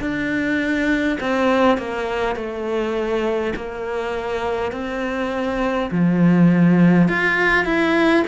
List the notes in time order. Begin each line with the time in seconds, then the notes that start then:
0.00 D4
1.20 C4
1.78 A#3
2.36 A3
3.56 A#3
4.72 C4
5.91 F3
7.08 F4
7.65 E4